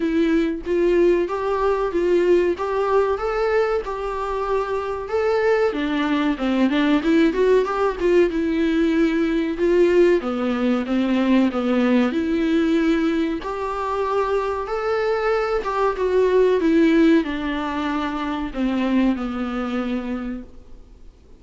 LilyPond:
\new Staff \with { instrumentName = "viola" } { \time 4/4 \tempo 4 = 94 e'4 f'4 g'4 f'4 | g'4 a'4 g'2 | a'4 d'4 c'8 d'8 e'8 fis'8 | g'8 f'8 e'2 f'4 |
b4 c'4 b4 e'4~ | e'4 g'2 a'4~ | a'8 g'8 fis'4 e'4 d'4~ | d'4 c'4 b2 | }